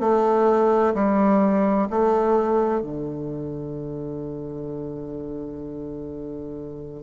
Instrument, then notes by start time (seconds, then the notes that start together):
bassoon
0.00 A3
0.95 G3
1.90 A3
2.82 D3